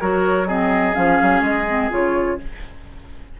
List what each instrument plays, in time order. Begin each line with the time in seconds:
0.00 bassoon F#3, clarinet F#4, oboe A#4, flute C#5
0.47 clarinet C4, oboe G#4, flute D#5
0.93 bassoon F3, clarinet C#4, flute F5
1.22 bassoon F#3
1.41 bassoon G#3, flute D#5
1.68 clarinet C4
1.90 bassoon C#3, clarinet F4, flute C#5